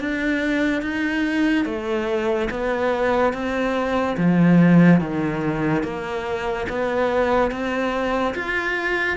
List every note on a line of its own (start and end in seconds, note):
0.00 0.82 D4
0.82 1.65 D#4
1.65 2.48 A3
2.50 3.33 B3
3.33 4.17 C4
4.17 5.00 F3
5.00 5.83 D#3
5.83 6.66 A#3
6.69 7.51 B3
7.51 8.34 C4
8.35 9.17 F4